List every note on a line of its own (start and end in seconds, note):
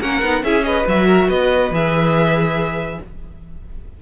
0.00 0.21 A#3
0.00 0.23 C#4
0.00 0.43 A#4
0.00 0.43 F#5
0.22 0.42 B3
0.22 0.44 D#4
0.42 0.85 C#4
0.42 0.62 E4
0.42 0.65 G#4
0.42 0.64 E5
0.62 0.83 G#4
0.62 1.07 B4
0.62 0.85 D#5
0.87 1.29 F#3
0.87 1.73 F#4
0.87 1.30 E5
1.07 1.28 A#4
1.28 1.70 B3
1.28 2.98 B4
1.28 1.72 D#5
1.70 2.98 E3
1.70 3.01 G#4
1.70 3.02 E5